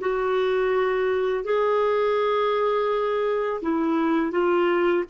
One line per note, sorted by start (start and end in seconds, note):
0.00 1.44 F#4
1.44 3.61 G#4
3.62 4.31 E4
4.31 5.03 F4